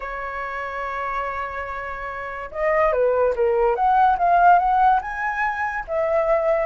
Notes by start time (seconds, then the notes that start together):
0.00 C#5
2.51 D#5
2.92 B4
3.35 A#4
3.75 F#5
4.18 F5
4.58 F#5
5.01 G#5
5.87 E5